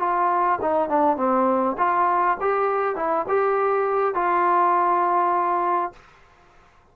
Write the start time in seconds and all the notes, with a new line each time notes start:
0.00 F4
0.62 D#4
0.90 D4
1.17 C4
1.78 F4
2.41 G4
2.96 E4
3.29 G4
4.15 F4